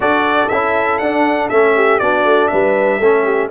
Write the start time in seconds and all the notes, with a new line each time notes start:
0.00 D4 F#4 A4 D5
0.48 C#4 E4 E5
0.98 D4 F#5
1.49 A3 C#4 E5
1.75 G4
1.99 B3 D4 F#4 D5
2.24 A3
2.47 G3 B4 E5
2.99 A3 C#4 A4
3.24 G4